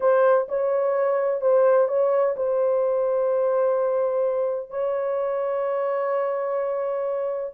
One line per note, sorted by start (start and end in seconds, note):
0.00 0.47 C5
0.48 1.41 C#5
1.41 1.87 C5
1.87 2.35 C#5
2.36 4.70 C5
4.70 7.53 C#5